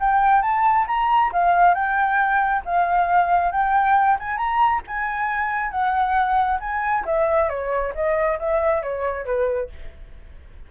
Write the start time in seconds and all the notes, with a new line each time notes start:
0.00 G5
0.42 A5
0.87 A#5
1.32 F5
1.74 G5
2.65 F5
3.52 G5
4.19 G#5
4.37 A#5
4.87 G#5
5.71 F#5
6.60 G#5
7.05 E5
7.49 C#5
7.95 D#5
8.39 E5
8.82 C#5
9.25 B4